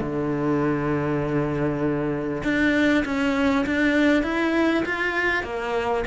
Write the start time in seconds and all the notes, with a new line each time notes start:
0.00 D3
2.43 D4
3.04 C#4
3.66 D4
4.23 E4
4.85 F4
5.43 A#3